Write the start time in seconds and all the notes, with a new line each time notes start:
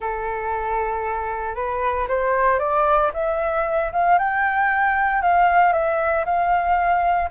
0.00 A4
1.55 B4
2.08 C5
2.59 D5
3.13 E5
3.92 F5
4.18 G5
5.22 F5
5.72 E5
6.25 F5